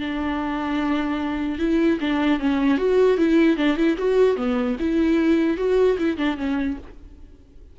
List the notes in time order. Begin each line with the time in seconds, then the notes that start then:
0.00 D4
1.59 E4
2.01 D4
2.40 C#4
2.78 F#4
3.18 E4
3.57 D4
3.77 E4
3.98 F#4
4.37 B3
4.80 E4
5.58 F#4
5.99 E4
6.18 D4
6.38 C#4